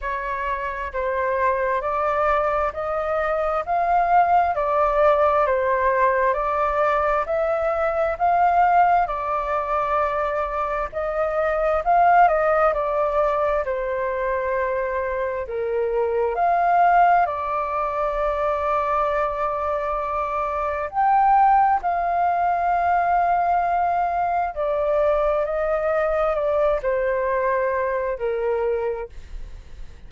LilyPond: \new Staff \with { instrumentName = "flute" } { \time 4/4 \tempo 4 = 66 cis''4 c''4 d''4 dis''4 | f''4 d''4 c''4 d''4 | e''4 f''4 d''2 | dis''4 f''8 dis''8 d''4 c''4~ |
c''4 ais'4 f''4 d''4~ | d''2. g''4 | f''2. d''4 | dis''4 d''8 c''4. ais'4 | }